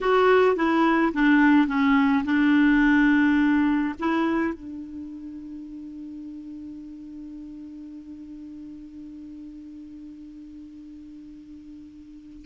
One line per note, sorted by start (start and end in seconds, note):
0.00 0.56 F#4
0.56 1.12 E4
1.13 1.67 D4
1.67 2.24 C#4
2.24 3.94 D4
3.99 4.54 E4
4.54 12.45 D4